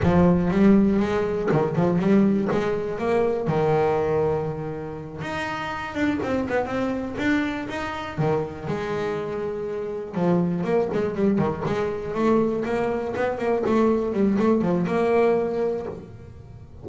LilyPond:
\new Staff \with { instrumentName = "double bass" } { \time 4/4 \tempo 4 = 121 f4 g4 gis4 dis8 f8 | g4 gis4 ais4 dis4~ | dis2~ dis8 dis'4. | d'8 c'8 b8 c'4 d'4 dis'8~ |
dis'8 dis4 gis2~ gis8~ | gis8 f4 ais8 gis8 g8 dis8 gis8~ | gis8 a4 ais4 b8 ais8 a8~ | a8 g8 a8 f8 ais2 | }